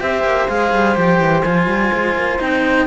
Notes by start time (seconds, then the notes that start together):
0.00 C4 G4 C5 E5
0.24 A#3
0.48 G#3 G#4 F5
0.73 G3
0.95 F3 G4 G5
1.20 E3
1.43 F3 F4 G#5
1.67 G3
1.93 G#3
2.15 A#3
2.39 C4 D#4 G5